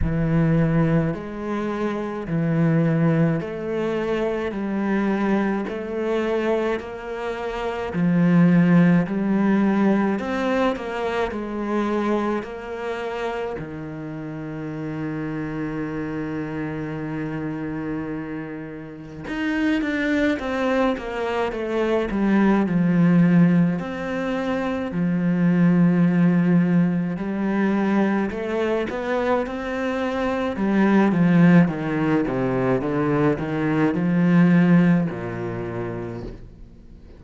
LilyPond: \new Staff \with { instrumentName = "cello" } { \time 4/4 \tempo 4 = 53 e4 gis4 e4 a4 | g4 a4 ais4 f4 | g4 c'8 ais8 gis4 ais4 | dis1~ |
dis4 dis'8 d'8 c'8 ais8 a8 g8 | f4 c'4 f2 | g4 a8 b8 c'4 g8 f8 | dis8 c8 d8 dis8 f4 ais,4 | }